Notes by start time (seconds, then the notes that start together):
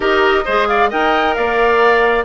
0.00 D#4 G4 A#4 D#5
0.44 G#3 G#4 C5
0.67 D5 F5
0.89 D#4 A#4 D#5 G5
1.34 A#3 D5 F5